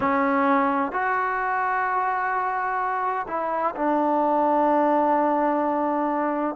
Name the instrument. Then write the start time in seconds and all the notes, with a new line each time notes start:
trombone
0.00 C#4
0.92 F#4
3.27 E4
3.75 D4